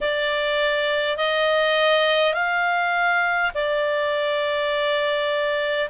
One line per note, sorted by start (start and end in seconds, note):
0.00 1.17 D5
1.17 2.33 D#5
2.33 3.51 F5
3.54 5.89 D5